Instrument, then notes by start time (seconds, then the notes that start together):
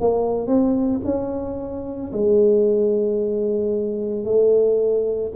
tuba
0.00 A#3
0.47 C4
1.04 C#4
2.12 G#3
4.24 A3